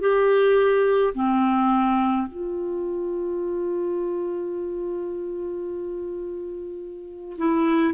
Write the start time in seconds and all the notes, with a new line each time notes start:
0.00 G4
1.14 C4
2.27 F4
7.37 E4